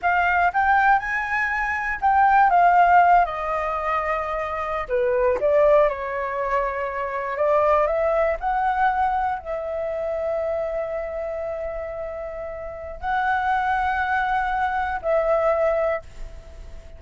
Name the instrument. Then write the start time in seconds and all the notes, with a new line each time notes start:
flute
0.01 F5
0.53 G5
0.99 G#5
2.01 G5
2.50 F5
3.25 D#5
4.88 B4
5.40 D5
5.88 C#5
7.37 D5
7.86 E5
8.40 F#5
9.39 E5
13.00 F#5
15.02 E5